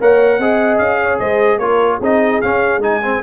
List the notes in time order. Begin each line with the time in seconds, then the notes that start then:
0.00 A#3 A#4 C#5 F#5
0.38 C4 G#4 D#5
0.78 C#4 F5
1.02 C#5
1.19 G#3 C5 D#5
1.58 A#3 F4 A#4 C#5
1.97 C4 D#4 G#4
2.03 D#5
2.41 C#4 F5
2.78 G#3 D#4 G#5
3.02 C4